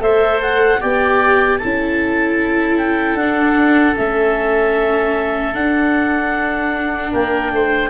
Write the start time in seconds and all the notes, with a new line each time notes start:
0.00 A3 A4 C5 E5
0.42 F#5
0.81 B3 G4 D5 G5
1.58 C#4 E4 A4 A5
2.78 G5
3.15 D4 F#5
3.95 A3 C#4 E5
5.54 D4 F#5
7.12 A#3 A#4 G5
7.52 A3 C5